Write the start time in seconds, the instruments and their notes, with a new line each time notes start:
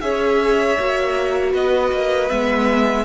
0.00 cello C#4, viola G#4, violin C#5 E5
0.79 cello A#3, viola F#4
1.50 cello B3, violin B4 D#5
1.91 cello A#3
2.29 cello G#3, viola B3, violin E5